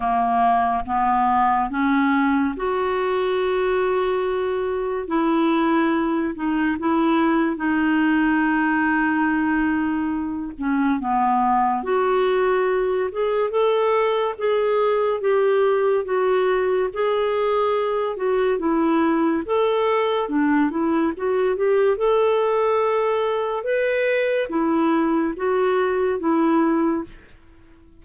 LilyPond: \new Staff \with { instrumentName = "clarinet" } { \time 4/4 \tempo 4 = 71 ais4 b4 cis'4 fis'4~ | fis'2 e'4. dis'8 | e'4 dis'2.~ | dis'8 cis'8 b4 fis'4. gis'8 |
a'4 gis'4 g'4 fis'4 | gis'4. fis'8 e'4 a'4 | d'8 e'8 fis'8 g'8 a'2 | b'4 e'4 fis'4 e'4 | }